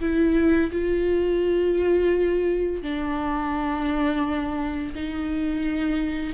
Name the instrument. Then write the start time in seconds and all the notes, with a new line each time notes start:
viola
0.00 E4
0.72 F4
2.82 D4
4.94 D#4